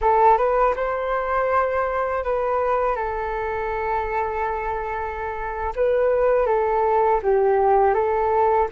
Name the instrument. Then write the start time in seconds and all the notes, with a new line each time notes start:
flute
0.01 A4
0.37 B4
0.76 C5
2.24 B4
2.95 A4
5.75 B4
6.46 A4
7.22 G4
7.94 A4